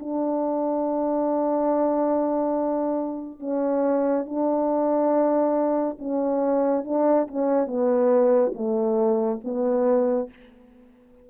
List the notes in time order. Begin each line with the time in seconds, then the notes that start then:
0.00 D4
3.40 C#4
4.26 D4
5.99 C#4
6.85 D4
7.28 C#4
7.67 B3
8.55 A3
9.44 B3